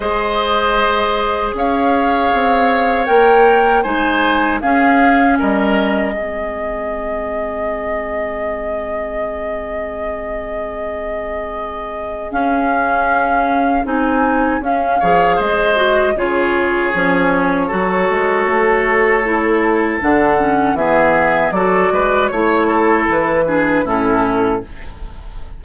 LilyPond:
<<
  \new Staff \with { instrumentName = "flute" } { \time 4/4 \tempo 4 = 78 dis''2 f''2 | g''4 gis''4 f''4 dis''4~ | dis''1~ | dis''1 |
f''2 gis''4 f''4 | dis''4 cis''2.~ | cis''2 fis''4 e''4 | d''4 cis''4 b'4 a'4 | }
  \new Staff \with { instrumentName = "oboe" } { \time 4/4 c''2 cis''2~ | cis''4 c''4 gis'4 ais'4 | gis'1~ | gis'1~ |
gis'2.~ gis'8 cis''8 | c''4 gis'2 a'4~ | a'2. gis'4 | a'8 b'8 cis''8 a'4 gis'8 e'4 | }
  \new Staff \with { instrumentName = "clarinet" } { \time 4/4 gis'1 | ais'4 dis'4 cis'2 | c'1~ | c'1 |
cis'2 dis'4 cis'8 gis'8~ | gis'8 fis'8 f'4 cis'4 fis'4~ | fis'4 e'4 d'8 cis'8 b4 | fis'4 e'4. d'8 cis'4 | }
  \new Staff \with { instrumentName = "bassoon" } { \time 4/4 gis2 cis'4 c'4 | ais4 gis4 cis'4 g4 | gis1~ | gis1 |
cis'2 c'4 cis'8 f8 | gis4 cis4 f4 fis8 gis8 | a2 d4 e4 | fis8 gis8 a4 e4 a,4 | }
>>